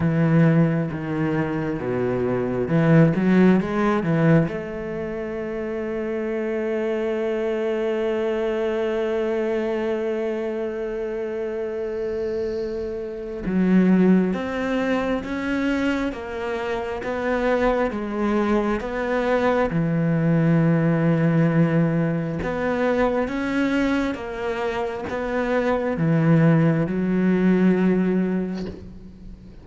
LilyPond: \new Staff \with { instrumentName = "cello" } { \time 4/4 \tempo 4 = 67 e4 dis4 b,4 e8 fis8 | gis8 e8 a2.~ | a1~ | a2. fis4 |
c'4 cis'4 ais4 b4 | gis4 b4 e2~ | e4 b4 cis'4 ais4 | b4 e4 fis2 | }